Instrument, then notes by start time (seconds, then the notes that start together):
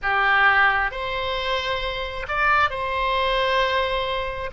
oboe
0.02 G4
0.91 C5
2.28 D5
2.69 C5